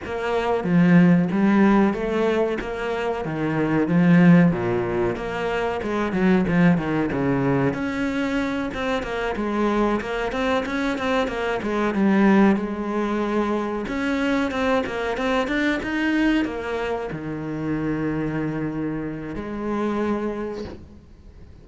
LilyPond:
\new Staff \with { instrumentName = "cello" } { \time 4/4 \tempo 4 = 93 ais4 f4 g4 a4 | ais4 dis4 f4 ais,4 | ais4 gis8 fis8 f8 dis8 cis4 | cis'4. c'8 ais8 gis4 ais8 |
c'8 cis'8 c'8 ais8 gis8 g4 gis8~ | gis4. cis'4 c'8 ais8 c'8 | d'8 dis'4 ais4 dis4.~ | dis2 gis2 | }